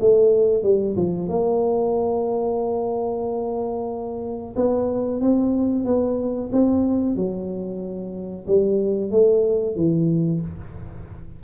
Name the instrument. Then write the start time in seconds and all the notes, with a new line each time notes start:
tuba
0.00 A3
0.63 G3
0.96 F3
1.28 A#3
4.55 B3
5.21 C4
5.85 B3
6.52 C4
7.16 F#3
8.47 G3
9.10 A3
9.75 E3